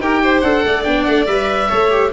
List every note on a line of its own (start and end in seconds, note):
0.00 0.42 D#4
0.00 0.45 G4
0.00 0.23 A#4
0.00 0.42 G5
0.23 0.65 C5
0.42 0.64 D4
0.42 0.85 A4
0.42 0.84 F#5
0.66 0.87 A3
0.66 1.69 D5
0.84 1.08 B3
0.84 1.27 D4
0.84 1.04 G5
1.04 1.28 A3
1.04 1.25 F#5
1.27 1.70 G3
1.27 1.69 B4
1.27 2.12 E5
1.69 2.13 A3
1.69 1.90 A4
1.69 2.11 C#5
1.90 2.12 G4